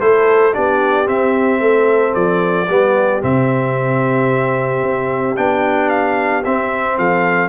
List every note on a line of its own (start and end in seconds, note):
0.00 0.54 A3
0.00 0.53 E4
0.00 0.54 A4
0.00 0.54 C5
0.53 1.07 B3
0.53 1.05 D4
0.53 1.61 G4
0.53 1.08 D5
1.05 2.66 C4
1.05 1.60 C4
1.05 2.14 E5
1.60 2.14 A3
1.60 2.69 A4
2.14 2.69 F3
2.14 3.21 D5
2.69 3.22 G3
2.69 3.21 B3
2.69 6.97 G4
3.21 4.82 C3
3.21 5.36 C4
3.21 5.36 E5
4.82 5.36 C4
5.36 6.44 B3
5.36 6.44 D4
5.36 5.89 G5
5.89 6.43 F5
6.44 6.98 C4
6.44 7.49 C4
6.44 6.98 E5
6.97 7.49 F3
6.97 7.49 A4
6.97 7.49 F5